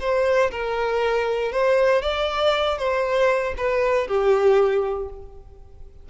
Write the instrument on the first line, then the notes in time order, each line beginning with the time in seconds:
violin
0.00 C5
0.51 A#4
1.52 C5
2.02 D5
2.78 C5
3.57 B4
4.07 G4